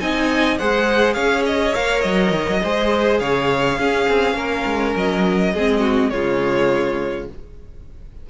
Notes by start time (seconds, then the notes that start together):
0.00 C4 D#4 D#5 G#5
0.59 G#3 G#4 C5 F#5
1.14 C#4 C#5 F5
1.46 D#5
1.74 A#3 A#4 F5
2.01 F#3 D#5
2.32 D#3
2.49 F#3
2.63 G#3 G#4 C5
3.20 C#3 C#5 F5
3.78 C#4 G#4
4.09 C4
4.35 A#3 A#4
4.66 G#3
4.96 F#3 D#5
5.54 G#3 C4 G#4
5.81 F#4
6.10 C#3 G#3 F4 C#5